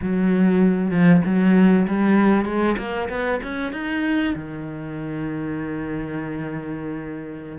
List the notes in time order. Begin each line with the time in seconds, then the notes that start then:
0.02 F#3
0.90 F3
1.25 F#3
1.87 G3
2.45 G#3
2.78 A#3
3.09 B3
3.42 C#4
3.72 D#4
4.35 D#3